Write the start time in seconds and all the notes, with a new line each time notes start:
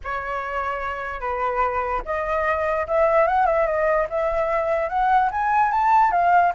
0.04 C#5
1.20 B4
2.05 D#5
2.87 E5
3.27 F#5
3.45 E5
3.66 D#5
4.09 E5
4.89 F#5
5.31 G#5
5.71 A5
6.11 F5